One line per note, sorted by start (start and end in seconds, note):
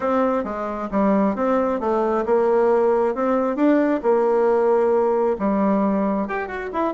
0.00 0.44 C4
0.44 0.89 G#3
0.91 1.35 G3
1.35 1.80 C4
1.80 2.24 A3
2.25 3.14 A#3
3.14 3.55 C4
3.55 4.00 D4
4.02 5.36 A#3
5.38 6.27 G3
6.27 6.47 G4
6.47 6.69 F#4
6.72 6.94 E4